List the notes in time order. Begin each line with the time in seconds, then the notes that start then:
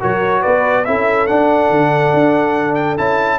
0.00 F#3 F#4 A#4 C#5
0.40 B3 B4 D5
0.85 C#4 E4 A4 E5
1.27 D4 F#5
1.70 D3
2.13 D4
2.75 G5
2.97 C#4 E4 A5